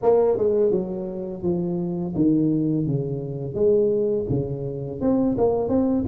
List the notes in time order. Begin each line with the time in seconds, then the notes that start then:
0.02 A#3
0.37 G#3
0.71 F#3
1.42 F3
2.15 D#3
2.86 C#3
3.54 G#3
4.29 C#3
5.00 C4
5.37 A#3
5.68 C4